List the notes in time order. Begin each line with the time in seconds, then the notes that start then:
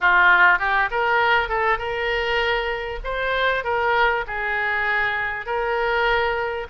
0.00 F4
0.58 G4
0.91 A#4
1.48 A4
1.78 A#4
3.04 C5
3.64 A#4
4.27 G#4
5.45 A#4